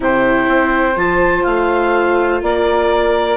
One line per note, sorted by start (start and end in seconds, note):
0.00 0.47 C3
0.00 0.94 E4
0.00 2.43 C5
0.00 0.98 G5
0.47 0.96 C4
0.95 1.44 F3
0.95 3.37 F4
0.95 1.43 A5
1.43 2.42 A3
1.43 2.40 F5
2.42 3.37 A#3
2.42 3.37 A#4
2.42 3.37 D5